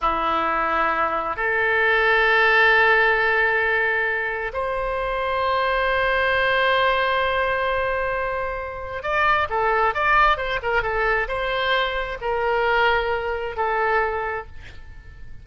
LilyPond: \new Staff \with { instrumentName = "oboe" } { \time 4/4 \tempo 4 = 133 e'2. a'4~ | a'1~ | a'2 c''2~ | c''1~ |
c''1 | d''4 a'4 d''4 c''8 ais'8 | a'4 c''2 ais'4~ | ais'2 a'2 | }